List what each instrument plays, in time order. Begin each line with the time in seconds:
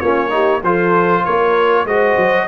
0.00 tuba A#3, trombone C#4, horn F4, trumpet C#5
0.30 trombone D#4, horn G4
0.63 tuba F3, trombone F4, horn A4, trumpet C5
1.24 tuba A#3, horn A#4, trumpet C#5
1.85 tuba G#3, trombone F#4, horn C5, trumpet D#5
2.17 tuba F#3